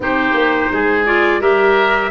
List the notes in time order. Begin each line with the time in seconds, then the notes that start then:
0.00 C4 D#4 G4 C5
0.33 A#3
0.72 G#3 G#4
1.05 F4 D5
1.40 G3 G4 A#4 E5